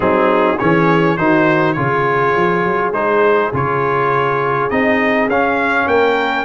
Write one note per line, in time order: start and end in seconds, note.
0.00 0.57 F#3
0.00 0.58 C4
0.00 0.58 D#4
0.00 0.58 G#4
0.58 1.18 E3
0.58 1.18 C#4
0.58 1.17 G#4
0.58 1.17 C#5
1.17 1.77 D#3
1.17 1.76 D#4
1.17 1.76 F#4
1.17 1.73 C5
1.73 2.36 C#3
1.73 2.93 F4
1.73 5.88 G#4
1.73 2.91 C#5
2.36 2.65 F3
2.65 2.92 F#3
2.92 3.50 G#3
2.92 3.52 D#4
2.92 3.51 C5
3.53 4.70 C#3
3.53 4.70 F4
3.53 4.69 C#5
4.69 5.27 C4
4.69 5.29 D#4
4.69 5.28 D#5
5.27 5.86 C#4
5.27 6.45 C#4
5.27 5.87 F5
5.86 6.45 A#3
5.86 6.45 A#4
5.86 6.45 G5